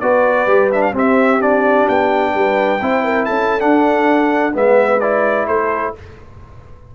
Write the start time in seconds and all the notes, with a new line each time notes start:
0.00 B3 F#4 B4 D5
0.47 G3 G4
0.72 D4 E5
0.82 F5
0.93 C4 G4 E5
1.40 D4 D5
1.88 B3 G5
2.34 G3 B4
2.81 C4 E4 C5
3.04 A#4
3.25 C#4 A4 A5
3.59 D4 F#5
4.54 G#3 B3 B4 E5
5.00 E4 D5
5.47 A3 A4 C5